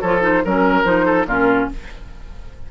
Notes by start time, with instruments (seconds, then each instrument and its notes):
0.00 bassoon F3, clarinet F4, oboe A4, flute C#5
0.22 clarinet D#4, flute C5
0.45 bassoon F#3, clarinet C#4, oboe A#4, flute A#4
0.84 bassoon F3, clarinet D#4, flute C5
1.06 oboe A4
1.26 bassoon A#2, clarinet C#4, oboe F4, flute A#4